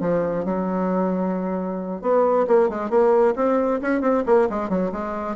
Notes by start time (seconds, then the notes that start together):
0.00 F3
0.45 F#3
2.01 B3
2.47 A#3
2.69 G#3
2.90 A#3
3.36 C4
3.81 C#4
4.01 C4
4.26 A#3
4.50 G#3
4.69 F#3
4.92 G#3